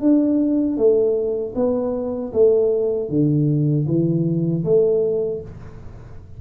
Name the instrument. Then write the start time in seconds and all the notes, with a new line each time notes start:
tuba
0.00 D4
0.77 A3
1.55 B3
2.33 A3
3.09 D3
3.87 E3
4.64 A3